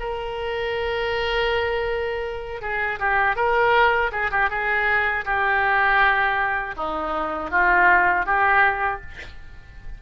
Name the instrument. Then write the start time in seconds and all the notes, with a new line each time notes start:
oboe
0.00 A#4
2.62 G#4
3.00 G4
3.36 A#4
4.12 G#4
4.31 G4
4.50 G#4
5.25 G4
6.77 D#4
7.51 F4
8.26 G4